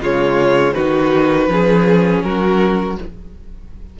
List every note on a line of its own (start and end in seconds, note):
0.00 0.74 C#3
0.00 0.76 G#3
0.00 0.75 F4
0.00 0.74 C#5
0.74 1.48 D#3
0.74 1.49 D#4
0.74 1.49 F#4
0.74 2.22 B4
1.48 2.22 F3
1.48 2.98 C#4
1.48 2.26 G#4
2.24 2.98 F#3
2.24 3.00 F#4
2.24 2.98 A#4